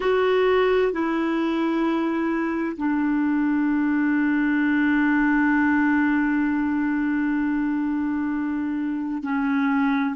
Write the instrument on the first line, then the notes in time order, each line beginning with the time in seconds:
clarinet
0.00 F#4
0.92 E4
2.77 D4
9.22 C#4